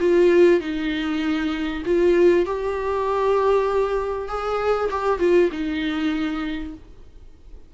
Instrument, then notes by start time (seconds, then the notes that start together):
viola
0.00 F4
0.60 D#4
1.85 F4
2.46 G4
4.28 G#4
4.90 G4
5.19 F4
5.52 D#4